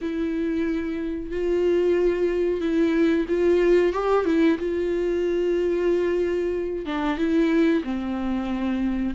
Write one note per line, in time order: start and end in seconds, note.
0.01 1.31 E4
1.31 2.61 F4
2.61 3.26 E4
3.28 3.92 F4
3.92 4.25 G4
4.25 4.57 E4
4.58 6.85 F4
6.85 7.17 D4
7.17 7.83 E4
7.83 9.14 C4